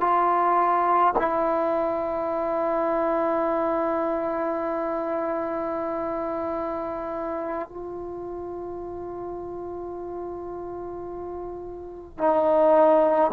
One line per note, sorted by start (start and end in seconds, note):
0.00 1.13 F4
1.18 7.69 E4
7.69 12.17 F4
12.17 13.31 D#4